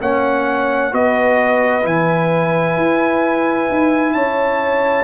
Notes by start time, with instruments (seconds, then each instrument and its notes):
0.00 tuba A#3, trombone C#4, horn C#5, trumpet F#5
0.91 tuba B3, trombone F#4, horn B4, trumpet D#5
1.82 tuba E3, trombone E4, trumpet G#5
2.76 tuba E4
3.69 tuba D#4
4.12 tuba C#4, horn C#5, trumpet A5